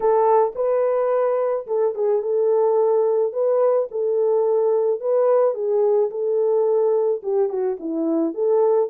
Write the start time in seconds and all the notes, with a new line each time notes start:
0.00 A4
0.55 B4
1.67 A4
1.94 G#4
2.22 A4
3.33 B4
3.91 A4
5.00 B4
5.54 G#4
6.10 A4
7.22 G4
7.49 F#4
7.79 E4
8.34 A4